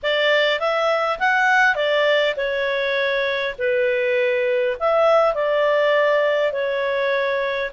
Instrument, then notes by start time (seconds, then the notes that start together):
clarinet
0.03 D5
0.59 E5
1.19 F#5
1.75 D5
2.36 C#5
3.58 B4
4.79 E5
5.34 D5
6.52 C#5